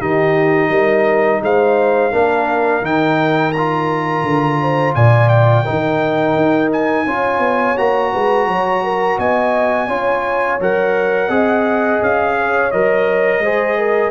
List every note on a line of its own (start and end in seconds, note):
0.00 0.70 D#3
0.00 2.12 D#4
0.00 0.70 G4
0.00 1.42 D#5
0.70 1.40 G3
0.70 1.41 A#4
1.42 2.12 G#3
1.42 2.14 C5
1.42 2.85 F5
2.12 2.82 A#3
2.12 2.82 D4
2.12 4.61 A#4
2.82 4.23 D#3
2.82 3.53 D#4
2.82 3.52 G5
3.52 5.65 F4
3.52 4.94 A#5
4.24 4.94 D3
4.62 4.96 C5
4.95 5.66 A#2
4.95 5.65 D5
4.95 5.29 G#5
5.29 6.70 G5
5.65 6.36 D#3
5.65 7.06 D#4
5.65 7.06 A#4
6.36 7.06 D#4
6.73 7.78 G#5
7.06 7.39 C#4
7.06 7.77 F4
7.06 8.12 C#5
7.39 7.74 B3
7.77 8.15 A#3
7.77 9.89 F#4
7.77 9.19 A#5
8.12 8.47 G#3
8.12 8.47 B4
8.47 9.18 F#3
8.47 8.84 C#5
8.84 9.19 A#4
9.18 9.88 B3
9.18 9.88 D#5
9.18 10.61 G#5
9.88 10.59 C#4
9.88 10.60 F4
9.88 11.28 C#5
10.60 11.29 F#3
10.60 11.30 A#4
10.60 12.04 F#5
11.28 12.00 C4
11.28 12.71 G#4
11.28 12.34 D#5
12.02 12.72 C#4
12.02 12.71 F5
12.38 13.44 C#5
12.71 13.39 F#3
12.71 13.44 A#4
12.71 14.11 D#5
13.39 14.10 G#3
13.39 13.78 C5
13.45 14.11 G#4
13.78 14.11 A#4